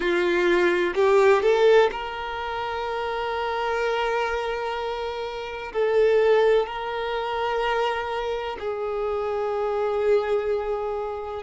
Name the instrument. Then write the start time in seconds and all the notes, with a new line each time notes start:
violin
0.00 F4
0.94 G4
1.42 A4
1.91 A#4
5.72 A4
6.66 A#4
8.59 G#4